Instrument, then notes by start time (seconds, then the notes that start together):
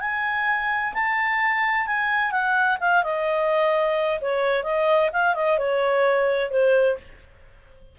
clarinet
0.00 G#5
0.94 A5
1.86 G#5
2.31 F#5
2.80 F5
3.03 D#5
4.21 C#5
4.63 D#5
5.12 F5
5.35 D#5
5.58 C#5
6.50 C5